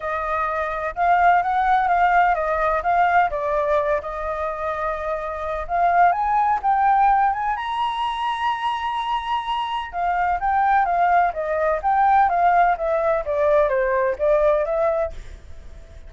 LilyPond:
\new Staff \with { instrumentName = "flute" } { \time 4/4 \tempo 4 = 127 dis''2 f''4 fis''4 | f''4 dis''4 f''4 d''4~ | d''8 dis''2.~ dis''8 | f''4 gis''4 g''4. gis''8 |
ais''1~ | ais''4 f''4 g''4 f''4 | dis''4 g''4 f''4 e''4 | d''4 c''4 d''4 e''4 | }